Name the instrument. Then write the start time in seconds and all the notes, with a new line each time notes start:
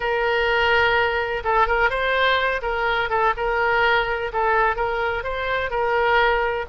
oboe
0.00 A#4
1.44 A4
1.67 A#4
1.89 C5
2.62 A#4
3.09 A4
3.36 A#4
4.32 A4
4.76 A#4
5.23 C5
5.70 A#4